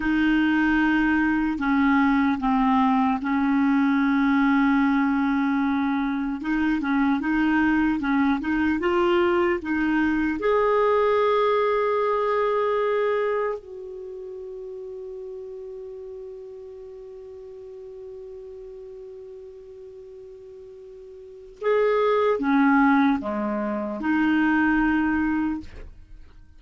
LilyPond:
\new Staff \with { instrumentName = "clarinet" } { \time 4/4 \tempo 4 = 75 dis'2 cis'4 c'4 | cis'1 | dis'8 cis'8 dis'4 cis'8 dis'8 f'4 | dis'4 gis'2.~ |
gis'4 fis'2.~ | fis'1~ | fis'2. gis'4 | cis'4 gis4 dis'2 | }